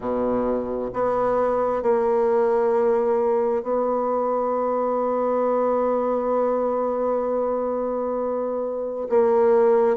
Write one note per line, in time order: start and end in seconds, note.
0.00 0.90 B2
0.93 1.82 B3
1.82 3.62 A#3
3.62 9.08 B3
9.09 9.96 A#3